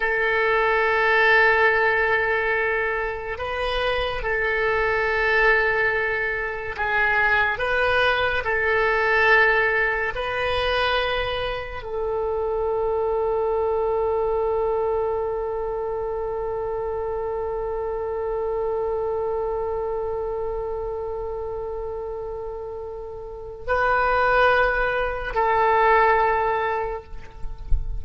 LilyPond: \new Staff \with { instrumentName = "oboe" } { \time 4/4 \tempo 4 = 71 a'1 | b'4 a'2. | gis'4 b'4 a'2 | b'2 a'2~ |
a'1~ | a'1~ | a'1 | b'2 a'2 | }